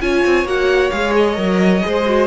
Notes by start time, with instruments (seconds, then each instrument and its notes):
0.00 cello C#4, viola F4, violin C#5 G#5
0.25 cello C4
0.44 cello A#3, viola F#4, violin F#5
0.90 cello G#3, viola G#4, violin F5
1.16 violin D#5
1.35 cello F#3, viola A#4
1.81 cello G#3, viola G#4, violin C5
2.05 viola F#4